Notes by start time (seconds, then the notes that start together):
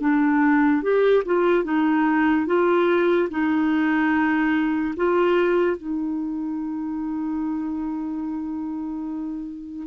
0.00 D4
0.82 G4
1.25 F4
1.64 D#4
2.46 F4
3.30 D#4
4.96 F4
5.76 D#4